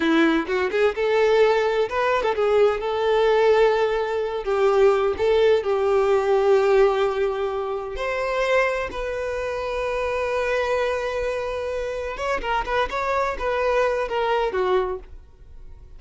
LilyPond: \new Staff \with { instrumentName = "violin" } { \time 4/4 \tempo 4 = 128 e'4 fis'8 gis'8 a'2 | b'8. a'16 gis'4 a'2~ | a'4. g'4. a'4 | g'1~ |
g'4 c''2 b'4~ | b'1~ | b'2 cis''8 ais'8 b'8 cis''8~ | cis''8 b'4. ais'4 fis'4 | }